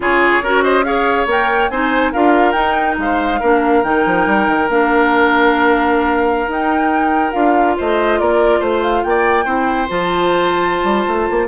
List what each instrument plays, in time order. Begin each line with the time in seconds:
0.00 bassoon C#3, clarinet F4, oboe G#4, flute C#5
0.42 bassoon C#4, clarinet F#4, oboe A#4
0.62 oboe C5, flute D#5
0.83 clarinet G#4, oboe C#5, flute F5
1.26 bassoon A#3, clarinet A#4, flute G5
1.69 bassoon C4, clarinet D#4, oboe C5, flute G#5
2.12 bassoon D4, clarinet F4, oboe A#4, flute F5
2.52 bassoon D#4, clarinet D#4, flute G5
2.98 bassoon G#3, oboe C5, flute F5
3.40 bassoon A#3, clarinet D4, oboe A#4
3.83 bassoon D#3, clarinet D#4, flute G5
4.05 bassoon F3
4.26 bassoon G3
4.47 bassoon D#3
4.68 bassoon A#3, clarinet D4, flute F5
6.47 bassoon D#4, clarinet D#4, flute G5
7.32 bassoon D4, clarinet F4, flute F5
7.77 bassoon A3, oboe C5, flute D#5
8.19 bassoon A#3, oboe A#4, flute D5
8.59 bassoon A3, oboe C5, flute C5
8.82 flute F5
9.03 bassoon A#3, oboe D5, flute G5
9.45 bassoon C4, clarinet E4, oboe C5
9.88 bassoon F3, clarinet F4, flute A5
10.83 bassoon G3
11.07 bassoon A3
11.30 bassoon A#3